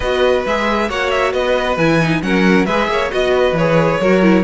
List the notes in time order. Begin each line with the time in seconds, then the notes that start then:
0.00 B3 F#4 B4 D#5
0.46 G#3 G#4 E5
0.88 A#3 F#4 C#5 F#5
1.10 E5
1.32 B3 B4 D#5
1.76 E3 E4 G#5
2.00 D#4
2.21 F#3 C#4 A#4 F#5
2.65 G#3 G#4 B4 E5
2.88 A#3 C#5
3.10 B3 F#4 D#5
3.34 B4
3.51 E3 C#5
3.59 G#4
4.00 F#3 F#4 A#4
4.22 E4